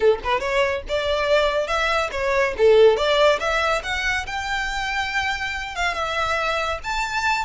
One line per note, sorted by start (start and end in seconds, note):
0.00 0.19 A4
0.24 0.39 B4
0.39 0.82 C#5
0.88 1.67 D5
1.67 2.09 E5
2.11 2.54 C#5
2.57 2.96 A4
2.96 3.39 D5
3.39 3.82 E5
3.83 4.26 F#5
4.26 5.75 G5
5.75 5.94 F5
5.94 6.79 E5
6.83 7.44 A5